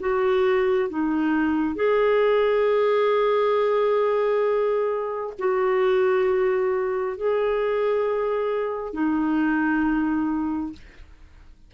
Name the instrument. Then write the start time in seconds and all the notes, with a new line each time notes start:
clarinet
0.00 F#4
0.90 D#4
1.75 G#4
5.39 F#4
7.17 G#4
8.93 D#4